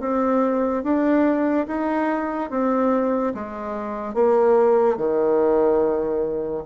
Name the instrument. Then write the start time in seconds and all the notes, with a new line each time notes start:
bassoon
0.00 C4
0.84 D4
1.67 D#4
2.50 C4
3.34 G#3
4.14 A#3
4.97 D#3